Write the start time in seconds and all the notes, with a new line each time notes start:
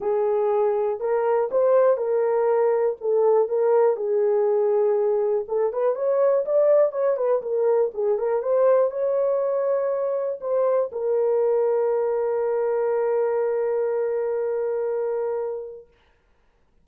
0.00 G#4
1.00 A#4
1.51 C5
1.97 A#4
3.00 A4
3.48 A#4
3.96 G#4
5.47 A4
5.72 B4
5.95 C#5
6.45 D5
6.92 C#5
7.17 B4
7.42 A#4
7.94 G#4
8.18 A#4
8.42 C5
8.91 C#5
10.41 C5
10.92 A#4